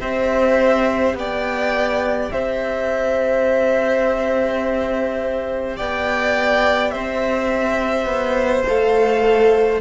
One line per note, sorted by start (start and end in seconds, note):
0.00 1.14 C4
0.00 8.66 G4
0.00 1.15 C5
0.00 1.17 E5
1.14 2.30 B3
1.14 2.33 D5
1.14 2.31 G5
2.31 5.80 C4
2.31 5.77 C5
2.31 5.77 E5
5.77 6.95 B3
5.77 6.93 D5
5.77 6.91 G5
6.91 8.06 C4
6.91 9.81 C5
6.91 8.64 E5
8.06 8.63 B3
8.68 9.81 A3
8.68 9.81 A4
8.68 9.81 F5